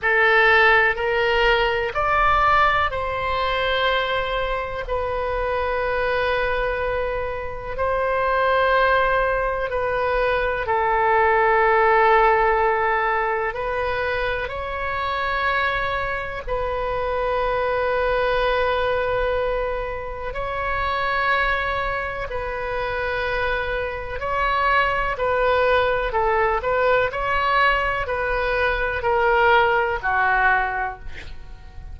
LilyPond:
\new Staff \with { instrumentName = "oboe" } { \time 4/4 \tempo 4 = 62 a'4 ais'4 d''4 c''4~ | c''4 b'2. | c''2 b'4 a'4~ | a'2 b'4 cis''4~ |
cis''4 b'2.~ | b'4 cis''2 b'4~ | b'4 cis''4 b'4 a'8 b'8 | cis''4 b'4 ais'4 fis'4 | }